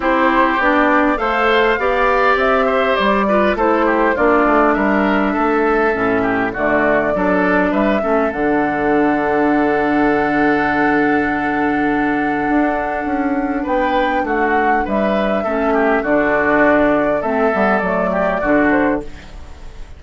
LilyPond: <<
  \new Staff \with { instrumentName = "flute" } { \time 4/4 \tempo 4 = 101 c''4 d''4 f''2 | e''4 d''4 c''4 d''4 | e''2. d''4~ | d''4 e''4 fis''2~ |
fis''1~ | fis''2. g''4 | fis''4 e''2 d''4~ | d''4 e''4 d''4. c''8 | }
  \new Staff \with { instrumentName = "oboe" } { \time 4/4 g'2 c''4 d''4~ | d''8 c''4 b'8 a'8 g'8 f'4 | ais'4 a'4. g'8 fis'4 | a'4 b'8 a'2~ a'8~ |
a'1~ | a'2. b'4 | fis'4 b'4 a'8 g'8 fis'4~ | fis'4 a'4. g'8 fis'4 | }
  \new Staff \with { instrumentName = "clarinet" } { \time 4/4 e'4 d'4 a'4 g'4~ | g'4. f'8 e'4 d'4~ | d'2 cis'4 a4 | d'4. cis'8 d'2~ |
d'1~ | d'1~ | d'2 cis'4 d'4~ | d'4 c'8 b8 a4 d'4 | }
  \new Staff \with { instrumentName = "bassoon" } { \time 4/4 c'4 b4 a4 b4 | c'4 g4 a4 ais8 a8 | g4 a4 a,4 d4 | fis4 g8 a8 d2~ |
d1~ | d4 d'4 cis'4 b4 | a4 g4 a4 d4~ | d4 a8 g8 fis4 d4 | }
>>